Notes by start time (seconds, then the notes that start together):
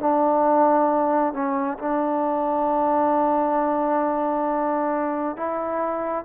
0.00 D4
1.33 C#4
1.78 D4
5.36 E4